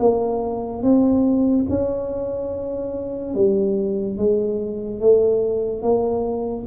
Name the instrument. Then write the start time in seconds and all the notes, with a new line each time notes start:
tuba
0.00 A#3
0.83 C4
1.70 C#4
3.35 G3
4.18 G#3
5.00 A3
5.83 A#3